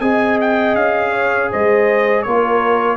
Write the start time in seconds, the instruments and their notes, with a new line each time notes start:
0.00 tuba C4, trombone G#4, horn D#5, trumpet G#5
0.41 trumpet G5
0.75 tuba C#4, trumpet F5
1.10 horn C#5
1.50 tuba G#3, horn C5, trumpet D#5
2.22 tuba A#3, trombone F4, horn A#4, trumpet C#5